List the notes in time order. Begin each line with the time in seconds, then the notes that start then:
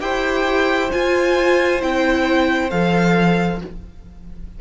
0.00 E4 G4 C5 G5
0.92 F4 G#5
1.81 C4 E4 G5
2.70 F3 A4 F5